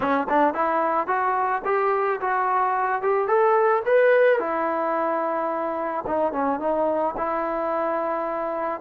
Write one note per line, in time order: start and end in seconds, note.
0.00 0.27 C#4
0.29 0.54 D4
0.54 1.07 E4
1.07 1.62 F#4
1.64 2.19 G4
2.20 3.02 F#4
3.02 3.27 G4
3.27 3.82 A4
3.85 4.39 B4
4.39 6.04 E4
6.06 6.32 D#4
6.32 6.59 C#4
6.59 7.14 D#4
7.17 8.80 E4